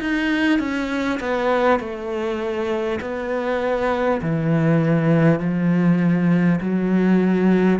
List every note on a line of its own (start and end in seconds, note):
0.00 0.59 D#4
0.59 1.19 C#4
1.20 1.79 B3
1.79 2.99 A3
3.00 4.20 B3
4.21 5.39 E3
5.39 6.59 F3
6.60 7.79 F#3